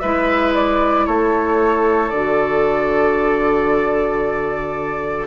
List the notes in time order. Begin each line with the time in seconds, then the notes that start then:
0.00 G#3 E4 B4 E5
0.54 D5
1.06 A3 A4 C#5
2.10 D3 F#4 D5